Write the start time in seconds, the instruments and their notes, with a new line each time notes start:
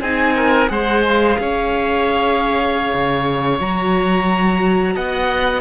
0.00 cello C4, viola D#4, oboe G#4, violin G#5
0.37 oboe A#4
0.68 cello G#3, viola G#4, oboe C5, violin F#5
1.07 violin F5
1.40 cello C#4, oboe C#5
2.94 cello C#3
3.60 cello F#3, viola F#4, violin A#5
4.95 cello B3, oboe D#5, violin F#5